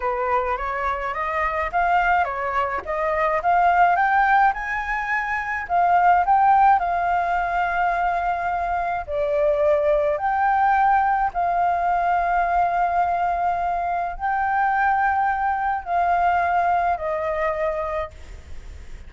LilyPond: \new Staff \with { instrumentName = "flute" } { \time 4/4 \tempo 4 = 106 b'4 cis''4 dis''4 f''4 | cis''4 dis''4 f''4 g''4 | gis''2 f''4 g''4 | f''1 |
d''2 g''2 | f''1~ | f''4 g''2. | f''2 dis''2 | }